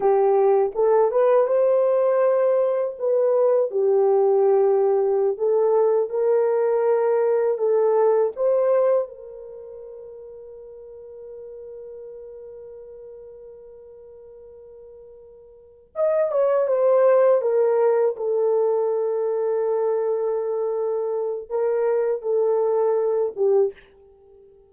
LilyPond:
\new Staff \with { instrumentName = "horn" } { \time 4/4 \tempo 4 = 81 g'4 a'8 b'8 c''2 | b'4 g'2~ g'16 a'8.~ | a'16 ais'2 a'4 c''8.~ | c''16 ais'2.~ ais'8.~ |
ais'1~ | ais'4. dis''8 cis''8 c''4 ais'8~ | ais'8 a'2.~ a'8~ | a'4 ais'4 a'4. g'8 | }